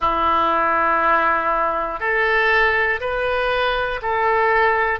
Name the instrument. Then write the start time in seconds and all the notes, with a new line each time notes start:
oboe
0.00 E4
2.00 A4
3.00 B4
4.01 A4